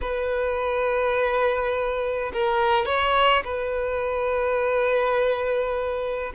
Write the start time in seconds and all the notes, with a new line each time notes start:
0.01 B4
2.33 A#4
2.85 C#5
3.44 B4